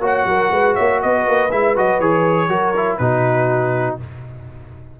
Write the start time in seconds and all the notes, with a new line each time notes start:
0.00 A#3 F#4 C#5 F#5
0.25 F#3 A#4
0.51 G#3 B4
0.74 A#3 C#5 E5
1.02 B3 B4 D#5
1.27 A#3
1.51 G#3 E4 E5
1.76 F#3 F#4 D#5
2.00 E3 G#4 C#5
2.49 F#3 F#4 A#4
2.76 E4
2.97 B2 D#4 F#4 B4